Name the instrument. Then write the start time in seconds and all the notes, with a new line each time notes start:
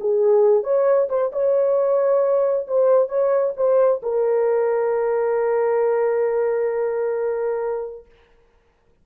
horn
0.00 G#4
0.63 C#5
1.09 C5
1.32 C#5
2.67 C5
3.08 C#5
3.56 C5
4.02 A#4